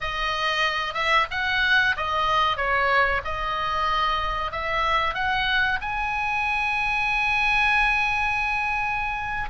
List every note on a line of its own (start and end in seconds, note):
0.00 0.94 D#5
0.94 1.26 E5
1.30 1.95 F#5
1.96 2.57 D#5
2.57 3.21 C#5
3.24 4.51 D#5
4.51 5.14 E5
5.14 5.79 F#5
5.81 9.49 G#5